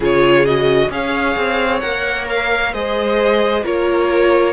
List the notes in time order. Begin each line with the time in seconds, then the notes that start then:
0.00 C#3 F4 G#4 C#5
0.45 F#4 D#5
0.90 C#4 G#4 C#5 F5
1.36 C4
1.80 A#3 A#4 F#5
2.29 F5
2.72 G#3 G#4 C5 D#5
3.63 A#3 F4 A#4 C#5